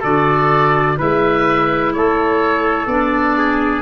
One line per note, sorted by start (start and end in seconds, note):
0.00 0.99 D3
0.00 0.97 F#4
0.00 0.95 A4
0.00 0.99 D5
0.97 1.95 G#3
0.97 2.88 E4
0.97 1.93 B4
0.97 1.93 E5
1.93 2.87 A3
1.93 3.38 A4
1.93 2.87 C#5
2.87 3.82 B3
2.87 3.82 D4
2.87 3.82 D5
3.38 3.82 G#4